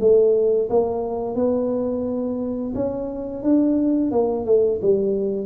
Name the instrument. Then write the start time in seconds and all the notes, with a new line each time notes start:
tuba
0.00 A3
0.70 A#3
1.35 B3
2.75 C#4
3.43 D4
4.11 A#3
4.45 A3
4.82 G3